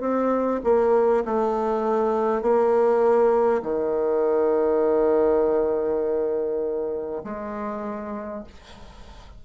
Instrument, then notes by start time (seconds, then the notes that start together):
bassoon
0.00 C4
0.64 A#3
1.25 A3
2.42 A#3
3.62 D#3
7.23 G#3